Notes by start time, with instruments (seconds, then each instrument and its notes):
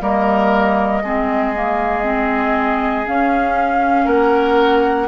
0.00 bassoon G3, clarinet A#3, oboe A#4, flute D#5
1.03 bassoon G#3, clarinet C4, oboe G#4
1.55 clarinet A#3
2.04 clarinet C4
3.06 clarinet C#4, bassoon C#4, flute F5
4.05 bassoon A#3, oboe A#4, flute F#5